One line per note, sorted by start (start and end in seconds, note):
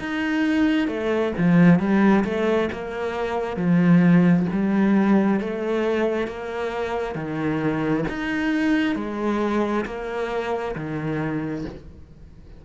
0.00 0.88 D#4
0.88 1.33 A3
1.38 1.80 F3
1.80 2.25 G3
2.25 2.70 A3
2.73 3.57 A#3
3.57 4.47 F3
4.53 5.41 G3
5.41 6.28 A3
6.28 7.15 A#3
7.15 8.05 D#3
8.09 8.96 D#4
8.96 9.85 G#3
9.86 10.75 A#3
10.76 11.65 D#3